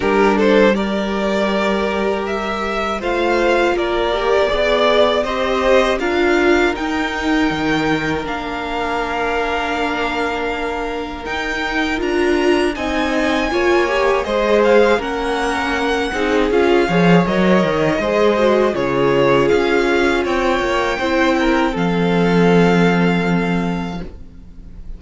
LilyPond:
<<
  \new Staff \with { instrumentName = "violin" } { \time 4/4 \tempo 4 = 80 ais'8 c''8 d''2 e''4 | f''4 d''2 dis''4 | f''4 g''2 f''4~ | f''2. g''4 |
ais''4 gis''2 dis''8 f''8 | fis''2 f''4 dis''4~ | dis''4 cis''4 f''4 g''4~ | g''4 f''2. | }
  \new Staff \with { instrumentName = "violin" } { \time 4/4 g'8 a'8 ais'2. | c''4 ais'4 d''4 c''4 | ais'1~ | ais'1~ |
ais'4 dis''4 cis''4 c''4 | ais'4. gis'4 cis''4. | c''4 gis'2 cis''4 | c''8 ais'8 a'2. | }
  \new Staff \with { instrumentName = "viola" } { \time 4/4 d'4 g'2. | f'4. g'8 gis'4 g'4 | f'4 dis'2 d'4~ | d'2. dis'4 |
f'4 dis'4 f'8 g'8 gis'4 | cis'4. dis'8 f'8 gis'8 ais'4 | gis'8 fis'8 f'2. | e'4 c'2. | }
  \new Staff \with { instrumentName = "cello" } { \time 4/4 g1 | a4 ais4 b4 c'4 | d'4 dis'4 dis4 ais4~ | ais2. dis'4 |
d'4 c'4 ais4 gis4 | ais4. c'8 cis'8 f8 fis8 dis8 | gis4 cis4 cis'4 c'8 ais8 | c'4 f2. | }
>>